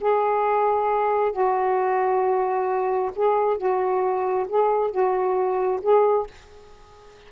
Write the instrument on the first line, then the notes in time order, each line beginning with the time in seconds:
saxophone
0.00 G#4
1.32 F#4
3.15 G#4
3.57 F#4
4.48 G#4
4.91 F#4
5.82 G#4